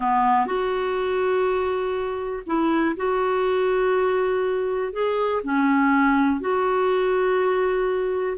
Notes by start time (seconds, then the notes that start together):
0.00 B3
0.46 F#4
2.46 E4
2.96 F#4
4.92 G#4
5.43 C#4
6.40 F#4